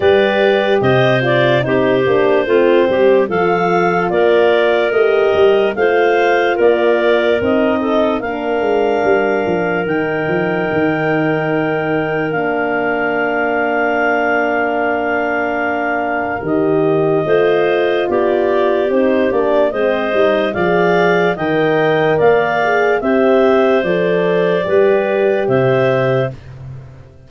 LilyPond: <<
  \new Staff \with { instrumentName = "clarinet" } { \time 4/4 \tempo 4 = 73 d''4 dis''8 d''8 c''2 | f''4 d''4 dis''4 f''4 | d''4 dis''4 f''2 | g''2. f''4~ |
f''1 | dis''2 d''4 c''8 d''8 | dis''4 f''4 g''4 f''4 | e''4 d''2 e''4 | }
  \new Staff \with { instrumentName = "clarinet" } { \time 4/4 b'4 c''4 g'4 f'8 g'8 | a'4 ais'2 c''4 | ais'4. a'8 ais'2~ | ais'1~ |
ais'1~ | ais'4 c''4 g'2 | c''4 d''4 dis''4 d''4 | c''2 b'4 c''4 | }
  \new Staff \with { instrumentName = "horn" } { \time 4/4 g'4. f'8 dis'8 d'8 c'4 | f'2 g'4 f'4~ | f'4 dis'4 d'2 | dis'2. d'4~ |
d'1 | g'4 f'2 dis'8 d'8 | c'8 dis'8 gis'4 ais'4. gis'8 | g'4 a'4 g'2 | }
  \new Staff \with { instrumentName = "tuba" } { \time 4/4 g4 c4 c'8 ais8 a8 g8 | f4 ais4 a8 g8 a4 | ais4 c'4 ais8 gis8 g8 f8 | dis8 f8 dis2 ais4~ |
ais1 | dis4 a4 b4 c'8 ais8 | gis8 g8 f4 dis4 ais4 | c'4 f4 g4 c4 | }
>>